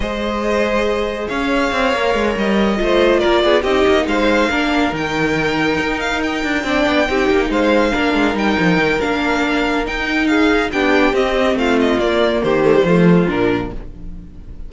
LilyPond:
<<
  \new Staff \with { instrumentName = "violin" } { \time 4/4 \tempo 4 = 140 dis''2. f''4~ | f''4. dis''2 d''8~ | d''8 dis''4 f''2 g''8~ | g''2 f''8 g''4.~ |
g''4. f''2 g''8~ | g''4 f''2 g''4 | f''4 g''4 dis''4 f''8 dis''8 | d''4 c''2 ais'4 | }
  \new Staff \with { instrumentName = "violin" } { \time 4/4 c''2. cis''4~ | cis''2~ cis''8 c''4 ais'8 | gis'8 g'4 c''4 ais'4.~ | ais'2.~ ais'8 d''8~ |
d''8 g'4 c''4 ais'4.~ | ais'1 | gis'4 g'2 f'4~ | f'4 g'4 f'2 | }
  \new Staff \with { instrumentName = "viola" } { \time 4/4 gis'1~ | gis'8 ais'2 f'4.~ | f'8 dis'2 d'4 dis'8~ | dis'2.~ dis'8 d'8~ |
d'8 dis'2 d'4 dis'8~ | dis'4 d'2 dis'4~ | dis'4 d'4 c'2 | ais4. a16 g16 a4 d'4 | }
  \new Staff \with { instrumentName = "cello" } { \time 4/4 gis2. cis'4 | c'8 ais8 gis8 g4 a4 ais8 | b8 c'8 ais8 gis4 ais4 dis8~ | dis4. dis'4. d'8 c'8 |
b8 c'8 ais8 gis4 ais8 gis8 g8 | f8 dis8 ais2 dis'4~ | dis'4 b4 c'4 a4 | ais4 dis4 f4 ais,4 | }
>>